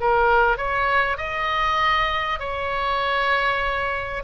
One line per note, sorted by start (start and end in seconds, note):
0.00 0.57 A#4
0.57 1.17 C#5
1.17 2.39 D#5
2.39 4.23 C#5